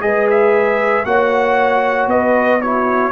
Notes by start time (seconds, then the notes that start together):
0.00 G#3 G#4 B4 D#5
0.30 E5
1.05 A#3 F#4 C#5 F#5
2.06 B3 B4 D#5
2.61 E4 F#4 C#5